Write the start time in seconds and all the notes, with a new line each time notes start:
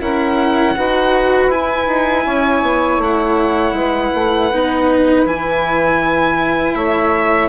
0.00 C#4 E4 A#4 F#5
0.77 D#4 F#4 B4
1.47 E4 G#5
1.87 D#4
2.25 C#4 C#5
2.62 B3
2.98 A3 F#5
3.73 G#3 B4
4.14 A3
4.52 B3 D#4
5.26 E3 E4 G#5
6.74 A3 C#5 E5